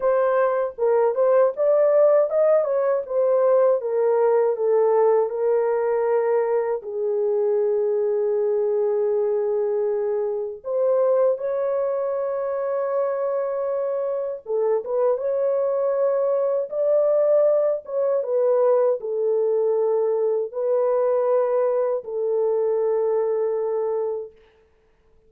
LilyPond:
\new Staff \with { instrumentName = "horn" } { \time 4/4 \tempo 4 = 79 c''4 ais'8 c''8 d''4 dis''8 cis''8 | c''4 ais'4 a'4 ais'4~ | ais'4 gis'2.~ | gis'2 c''4 cis''4~ |
cis''2. a'8 b'8 | cis''2 d''4. cis''8 | b'4 a'2 b'4~ | b'4 a'2. | }